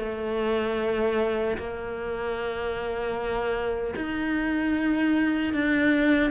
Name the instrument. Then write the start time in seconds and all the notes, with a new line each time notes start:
cello
0.00 A3
1.58 A#3
3.96 D#4
5.54 D4